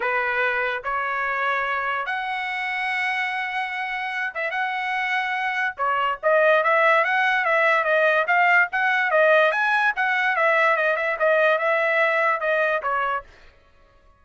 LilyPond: \new Staff \with { instrumentName = "trumpet" } { \time 4/4 \tempo 4 = 145 b'2 cis''2~ | cis''4 fis''2.~ | fis''2~ fis''8 e''8 fis''4~ | fis''2 cis''4 dis''4 |
e''4 fis''4 e''4 dis''4 | f''4 fis''4 dis''4 gis''4 | fis''4 e''4 dis''8 e''8 dis''4 | e''2 dis''4 cis''4 | }